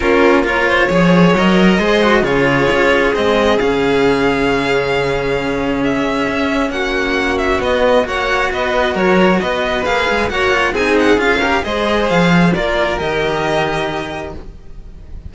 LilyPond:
<<
  \new Staff \with { instrumentName = "violin" } { \time 4/4 \tempo 4 = 134 ais'4 cis''2 dis''4~ | dis''4 cis''2 dis''4 | f''1~ | f''4 e''2 fis''4~ |
fis''8 e''8 dis''4 fis''4 dis''4 | cis''4 dis''4 f''4 fis''4 | gis''8 fis''8 f''4 dis''4 f''4 | d''4 dis''2. | }
  \new Staff \with { instrumentName = "violin" } { \time 4/4 f'4 ais'8 c''8 cis''2 | c''4 gis'2.~ | gis'1~ | gis'2. fis'4~ |
fis'2 cis''4 b'4 | ais'4 b'2 cis''4 | gis'4. ais'8 c''2 | ais'1 | }
  \new Staff \with { instrumentName = "cello" } { \time 4/4 cis'4 f'4 gis'4 ais'4 | gis'8 fis'8 f'2 c'4 | cis'1~ | cis'1~ |
cis'4 b4 fis'2~ | fis'2 gis'4 fis'8 f'8 | dis'4 f'8 g'8 gis'2 | f'4 g'2. | }
  \new Staff \with { instrumentName = "cello" } { \time 4/4 ais2 f4 fis4 | gis4 cis4 cis'4 gis4 | cis1~ | cis2 cis'4 ais4~ |
ais4 b4 ais4 b4 | fis4 b4 ais8 gis8 ais4 | c'4 cis'4 gis4 f4 | ais4 dis2. | }
>>